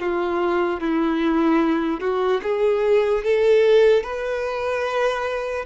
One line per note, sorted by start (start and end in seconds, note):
0.00 0.80 F4
0.80 2.00 E4
2.00 2.41 F#4
2.43 3.24 G#4
3.24 4.03 A4
4.03 5.65 B4